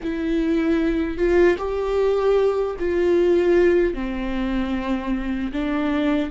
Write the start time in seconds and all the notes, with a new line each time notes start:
0.03 E4
1.17 F4
1.58 G4
2.79 F4
3.94 C4
5.52 D4